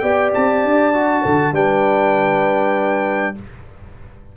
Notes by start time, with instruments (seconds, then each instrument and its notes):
0.00 tuba B3, trombone G4, horn D5, trumpet G5
0.34 tuba C4, trumpet A5
0.65 tuba D4
0.94 trombone F#4
1.22 tuba D3, horn A4
1.53 tuba G3, trombone D4, horn B4, trumpet G5